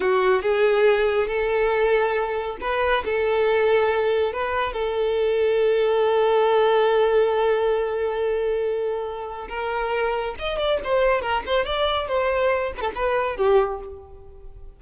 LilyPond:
\new Staff \with { instrumentName = "violin" } { \time 4/4 \tempo 4 = 139 fis'4 gis'2 a'4~ | a'2 b'4 a'4~ | a'2 b'4 a'4~ | a'1~ |
a'1~ | a'2 ais'2 | dis''8 d''8 c''4 ais'8 c''8 d''4 | c''4. b'16 a'16 b'4 g'4 | }